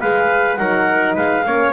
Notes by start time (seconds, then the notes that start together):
0.00 G#3 G#4 B4 F5
0.56 F#3 D#4 A#4 F#5
1.15 G#3 B4 F5
1.46 A#3 C#4 C#5